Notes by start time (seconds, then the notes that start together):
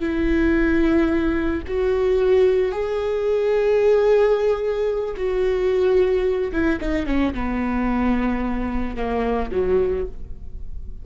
0.00 E4
1.68 F#4
2.72 G#4
5.17 F#4
6.53 E4
6.81 D#4
7.07 C#4
7.34 B3
8.96 A#3
9.52 F#3